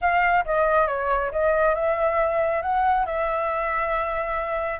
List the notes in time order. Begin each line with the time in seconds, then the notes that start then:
0.01 F5
0.45 D#5
0.87 C#5
1.31 D#5
1.74 E5
2.62 F#5
3.06 E5